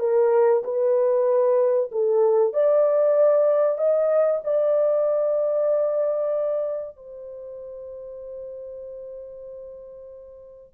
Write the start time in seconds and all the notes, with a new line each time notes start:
0.00 A#4
0.64 B4
1.92 A4
2.53 D5
3.78 D#5
4.44 D5
6.97 C5